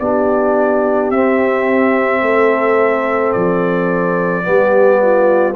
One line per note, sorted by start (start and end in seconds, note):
0.00 1.11 B3
0.00 1.13 D4
0.00 2.23 G4
0.00 1.11 D5
1.11 2.22 C4
1.11 4.43 C4
1.11 3.32 E5
2.22 3.33 A3
2.22 4.46 A4
3.32 4.47 F3
3.32 5.55 D5
4.43 5.56 G3
4.43 5.54 B3
4.43 5.02 G4
5.02 5.56 F4